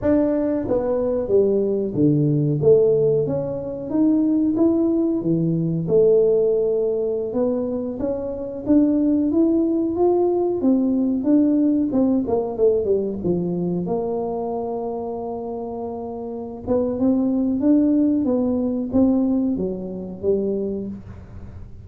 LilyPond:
\new Staff \with { instrumentName = "tuba" } { \time 4/4 \tempo 4 = 92 d'4 b4 g4 d4 | a4 cis'4 dis'4 e'4 | e4 a2~ a16 b8.~ | b16 cis'4 d'4 e'4 f'8.~ |
f'16 c'4 d'4 c'8 ais8 a8 g16~ | g16 f4 ais2~ ais8.~ | ais4. b8 c'4 d'4 | b4 c'4 fis4 g4 | }